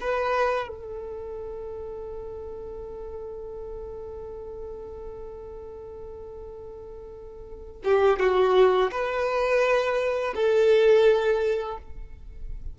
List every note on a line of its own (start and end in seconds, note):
0.00 0.68 B4
0.68 7.82 A4
7.84 8.19 G4
8.19 8.91 F#4
8.91 10.34 B4
10.35 11.78 A4